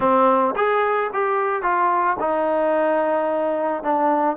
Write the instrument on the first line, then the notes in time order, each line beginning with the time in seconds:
trombone
0.00 C4
0.56 G#4
1.13 G4
1.62 F4
2.19 D#4
3.83 D4